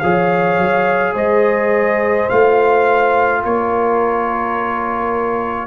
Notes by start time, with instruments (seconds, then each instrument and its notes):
0.00 tuba F3, trombone G#4, horn C#5, trumpet F5
0.58 tuba F#3
1.14 tuba G#3, horn C5, trumpet D#5
2.29 tuba A3, trombone F4, trumpet F5
3.42 tuba A#3, horn A#4, trumpet C#5